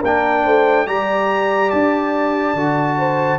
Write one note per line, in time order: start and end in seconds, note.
0.00 0.46 A#3
0.00 0.87 D4
0.00 0.42 A#4
0.00 0.87 G5
0.45 0.87 A3
0.45 0.87 C5
0.87 1.72 G3
0.87 2.56 G4
0.87 2.99 D5
0.87 1.71 A#5
1.71 2.54 D4
1.71 3.39 A5
2.54 3.39 D3
2.54 3.39 F#4
2.99 3.39 C5